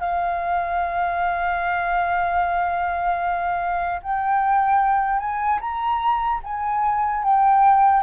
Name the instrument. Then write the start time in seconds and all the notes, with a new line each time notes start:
flute
0.00 F5
4.03 G5
5.19 G#5
5.60 A#5
6.44 G#5
7.23 G5